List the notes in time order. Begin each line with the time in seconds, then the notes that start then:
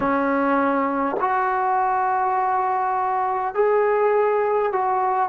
0.00 C#4
1.20 F#4
3.54 G#4
4.72 F#4